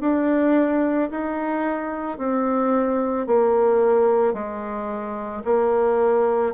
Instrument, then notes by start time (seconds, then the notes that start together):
bassoon
0.00 D4
1.10 D#4
2.18 C4
3.27 A#3
4.33 G#3
5.44 A#3